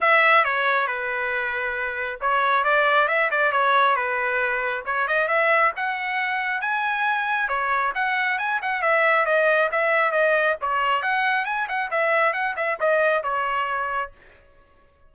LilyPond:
\new Staff \with { instrumentName = "trumpet" } { \time 4/4 \tempo 4 = 136 e''4 cis''4 b'2~ | b'4 cis''4 d''4 e''8 d''8 | cis''4 b'2 cis''8 dis''8 | e''4 fis''2 gis''4~ |
gis''4 cis''4 fis''4 gis''8 fis''8 | e''4 dis''4 e''4 dis''4 | cis''4 fis''4 gis''8 fis''8 e''4 | fis''8 e''8 dis''4 cis''2 | }